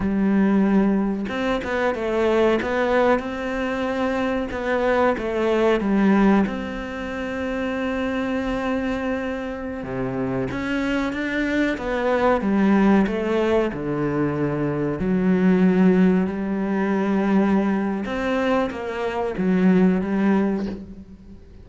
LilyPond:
\new Staff \with { instrumentName = "cello" } { \time 4/4 \tempo 4 = 93 g2 c'8 b8 a4 | b4 c'2 b4 | a4 g4 c'2~ | c'2.~ c'16 c8.~ |
c16 cis'4 d'4 b4 g8.~ | g16 a4 d2 fis8.~ | fis4~ fis16 g2~ g8. | c'4 ais4 fis4 g4 | }